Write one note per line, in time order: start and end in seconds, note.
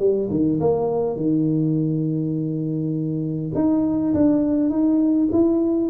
0.00 0.29 G3
0.31 0.60 D#3
0.61 1.17 A#3
1.17 3.52 D#3
3.55 4.14 D#4
4.14 4.70 D4
4.70 5.29 D#4
5.32 5.90 E4